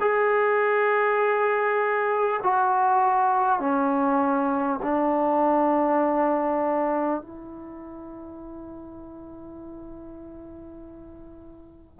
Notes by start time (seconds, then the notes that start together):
0.00 G#4
2.43 F#4
3.59 C#4
4.82 D4
7.21 E4